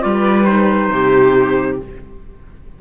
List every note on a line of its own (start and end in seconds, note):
0.00 0.89 G3
0.00 0.44 F4
0.00 0.92 B4
0.00 0.45 D5
0.45 1.79 D#4
0.45 1.77 C5
0.89 1.78 C3
0.89 1.81 G4